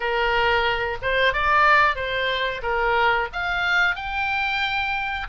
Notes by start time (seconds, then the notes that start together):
0.00 A#4
1.02 C5
1.33 D5
1.95 C5
2.62 A#4
3.32 F5
3.95 G5